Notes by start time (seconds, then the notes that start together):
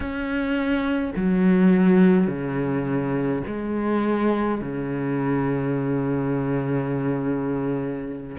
0.00 C#4
1.15 F#3
2.27 C#3
3.46 G#3
4.61 C#3